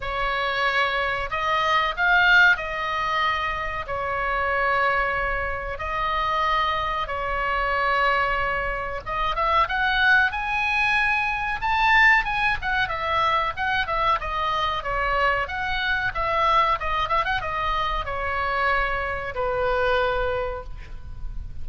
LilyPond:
\new Staff \with { instrumentName = "oboe" } { \time 4/4 \tempo 4 = 93 cis''2 dis''4 f''4 | dis''2 cis''2~ | cis''4 dis''2 cis''4~ | cis''2 dis''8 e''8 fis''4 |
gis''2 a''4 gis''8 fis''8 | e''4 fis''8 e''8 dis''4 cis''4 | fis''4 e''4 dis''8 e''16 fis''16 dis''4 | cis''2 b'2 | }